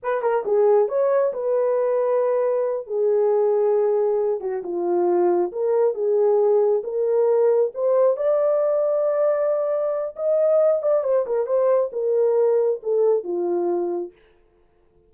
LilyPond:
\new Staff \with { instrumentName = "horn" } { \time 4/4 \tempo 4 = 136 b'8 ais'8 gis'4 cis''4 b'4~ | b'2~ b'8 gis'4.~ | gis'2 fis'8 f'4.~ | f'8 ais'4 gis'2 ais'8~ |
ais'4. c''4 d''4.~ | d''2. dis''4~ | dis''8 d''8 c''8 ais'8 c''4 ais'4~ | ais'4 a'4 f'2 | }